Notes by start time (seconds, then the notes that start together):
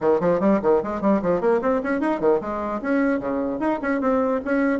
0.01 D#3
0.20 F3
0.39 G3
0.62 D#3
0.83 G#3
1.01 G3
1.21 F3
1.40 A#3
1.61 C4
1.83 C#4
2.00 D#4
2.19 D#3
2.41 G#3
2.81 C#4
3.19 C#3
3.59 D#4
3.82 C#4
4.01 C4
4.44 C#4